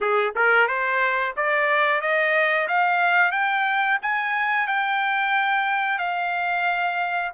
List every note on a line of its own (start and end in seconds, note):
0.00 0.34 G#4
0.35 0.67 A#4
0.67 1.34 C5
1.36 2.01 D5
2.01 2.67 D#5
2.68 3.31 F5
3.31 3.98 G5
4.02 4.67 G#5
4.67 5.98 G5
5.98 7.31 F5